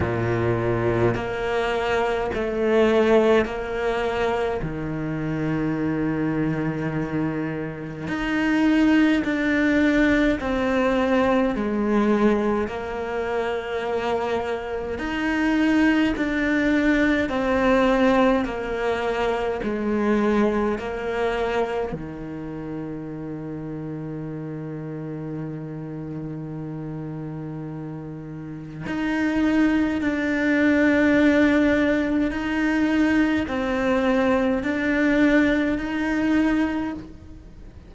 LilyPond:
\new Staff \with { instrumentName = "cello" } { \time 4/4 \tempo 4 = 52 ais,4 ais4 a4 ais4 | dis2. dis'4 | d'4 c'4 gis4 ais4~ | ais4 dis'4 d'4 c'4 |
ais4 gis4 ais4 dis4~ | dis1~ | dis4 dis'4 d'2 | dis'4 c'4 d'4 dis'4 | }